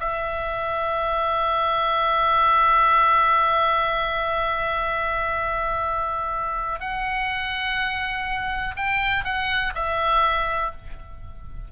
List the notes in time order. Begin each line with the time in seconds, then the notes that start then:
0.00 E5
6.80 F#5
8.76 G5
9.24 F#5
9.75 E5